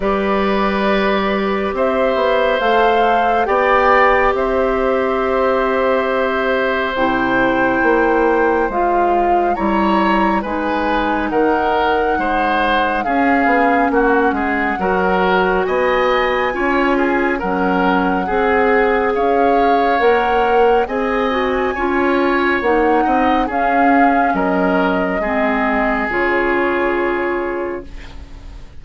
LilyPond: <<
  \new Staff \with { instrumentName = "flute" } { \time 4/4 \tempo 4 = 69 d''2 e''4 f''4 | g''4 e''2. | g''2 f''4 ais''4 | gis''4 fis''2 f''4 |
fis''2 gis''2 | fis''2 f''4 fis''4 | gis''2 fis''4 f''4 | dis''2 cis''2 | }
  \new Staff \with { instrumentName = "oboe" } { \time 4/4 b'2 c''2 | d''4 c''2.~ | c''2. cis''4 | b'4 ais'4 c''4 gis'4 |
fis'8 gis'8 ais'4 dis''4 cis''8 gis'8 | ais'4 gis'4 cis''2 | dis''4 cis''4. dis''8 gis'4 | ais'4 gis'2. | }
  \new Staff \with { instrumentName = "clarinet" } { \time 4/4 g'2. a'4 | g'1 | e'2 f'4 e'4 | dis'2. cis'4~ |
cis'4 fis'2 f'4 | cis'4 gis'2 ais'4 | gis'8 fis'8 f'4 dis'4 cis'4~ | cis'4 c'4 f'2 | }
  \new Staff \with { instrumentName = "bassoon" } { \time 4/4 g2 c'8 b8 a4 | b4 c'2. | c4 ais4 gis4 g4 | gis4 dis4 gis4 cis'8 b8 |
ais8 gis8 fis4 b4 cis'4 | fis4 c'4 cis'4 ais4 | c'4 cis'4 ais8 c'8 cis'4 | fis4 gis4 cis2 | }
>>